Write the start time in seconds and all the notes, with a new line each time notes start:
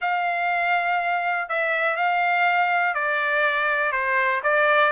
0.01 F5
1.48 E5
1.96 F5
2.94 D5
3.91 C5
4.43 D5